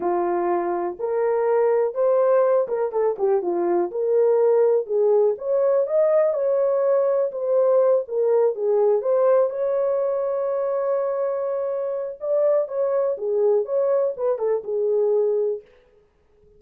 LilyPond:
\new Staff \with { instrumentName = "horn" } { \time 4/4 \tempo 4 = 123 f'2 ais'2 | c''4. ais'8 a'8 g'8 f'4 | ais'2 gis'4 cis''4 | dis''4 cis''2 c''4~ |
c''8 ais'4 gis'4 c''4 cis''8~ | cis''1~ | cis''4 d''4 cis''4 gis'4 | cis''4 b'8 a'8 gis'2 | }